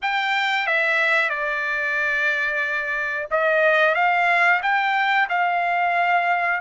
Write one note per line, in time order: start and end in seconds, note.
0.02 0.67 G5
0.67 1.29 E5
1.29 3.27 D5
3.30 3.94 D#5
3.94 4.60 F5
4.62 5.28 G5
5.29 6.60 F5